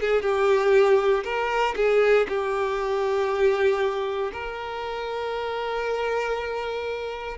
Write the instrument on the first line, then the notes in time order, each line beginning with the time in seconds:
violin
0.00 G#4
0.22 G4
1.24 A#4
1.76 G#4
2.28 G4
4.33 A#4